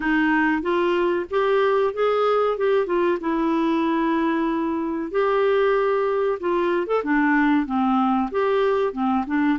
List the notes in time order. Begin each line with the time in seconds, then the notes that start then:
0.00 D#4
0.62 F4
1.30 G4
1.93 G#4
2.57 G4
2.86 F4
3.20 E4
5.11 G4
6.40 F4
6.86 A4
7.03 D4
7.65 C4
8.31 G4
8.92 C4
9.26 D4